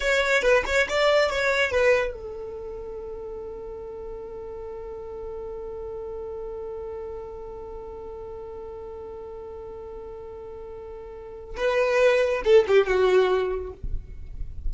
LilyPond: \new Staff \with { instrumentName = "violin" } { \time 4/4 \tempo 4 = 140 cis''4 b'8 cis''8 d''4 cis''4 | b'4 a'2.~ | a'1~ | a'1~ |
a'1~ | a'1~ | a'2. b'4~ | b'4 a'8 g'8 fis'2 | }